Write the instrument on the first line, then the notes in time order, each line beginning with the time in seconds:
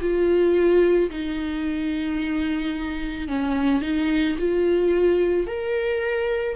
viola
0.00 F4
1.10 D#4
3.27 C#4
3.81 D#4
4.38 F4
5.46 A#4